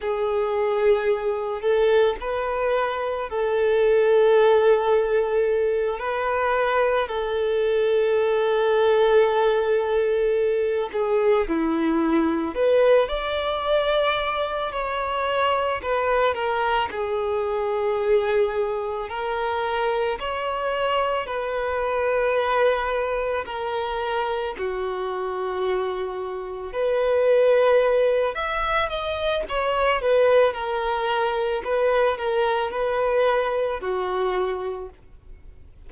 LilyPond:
\new Staff \with { instrumentName = "violin" } { \time 4/4 \tempo 4 = 55 gis'4. a'8 b'4 a'4~ | a'4. b'4 a'4.~ | a'2 gis'8 e'4 b'8 | d''4. cis''4 b'8 ais'8 gis'8~ |
gis'4. ais'4 cis''4 b'8~ | b'4. ais'4 fis'4.~ | fis'8 b'4. e''8 dis''8 cis''8 b'8 | ais'4 b'8 ais'8 b'4 fis'4 | }